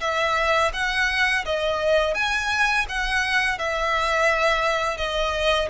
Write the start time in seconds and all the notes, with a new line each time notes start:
0.00 E5
0.73 F#5
1.45 D#5
2.14 G#5
2.89 F#5
3.58 E5
4.97 D#5